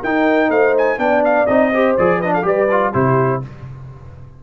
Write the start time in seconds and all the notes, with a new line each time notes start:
0.00 D#4 A#4 G5
0.49 A3 C5 F5
0.77 G#5
0.98 B3 D4 D5 G5
1.24 F5
1.46 C4 D#4 D#5
1.73 G4 C5
1.97 F3 G#4 D5
2.18 D4 B4 D#5
2.33 A4 F5
2.42 G3 G4 B4 D5
2.71 F4
2.92 C3 E4 G4 C5